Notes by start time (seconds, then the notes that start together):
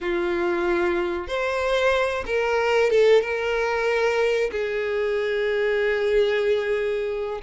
0.00 F4
1.27 C5
2.26 A#4
2.90 A4
3.21 A#4
4.51 G#4